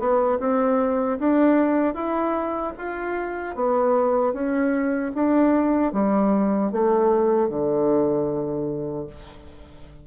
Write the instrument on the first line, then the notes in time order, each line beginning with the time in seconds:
bassoon
0.00 B3
0.40 C4
1.19 D4
1.94 E4
2.78 F4
3.56 B3
4.33 C#4
5.15 D4
5.93 G3
6.72 A3
7.49 D3